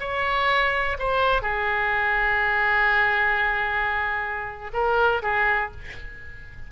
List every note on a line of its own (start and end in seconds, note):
0.00 0.98 C#5
0.99 1.42 C5
1.42 4.71 G#4
4.73 5.22 A#4
5.23 5.72 G#4